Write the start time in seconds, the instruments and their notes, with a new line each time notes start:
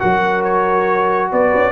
0.00 tuba F#3, trombone F#4, horn A#4, trumpet F#5
0.44 trumpet C#5
1.32 tuba B3, horn B4, trumpet D5
1.55 tuba C#4